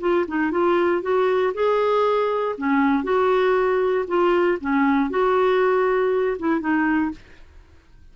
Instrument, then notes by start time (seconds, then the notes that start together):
clarinet
0.00 F4
0.27 D#4
0.51 F4
1.02 F#4
1.54 G#4
2.57 C#4
3.03 F#4
4.07 F4
4.60 C#4
5.10 F#4
6.38 E4
6.60 D#4